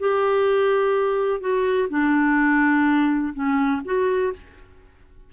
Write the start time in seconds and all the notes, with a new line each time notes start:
0.00 G4
1.41 F#4
1.89 D4
3.34 C#4
3.85 F#4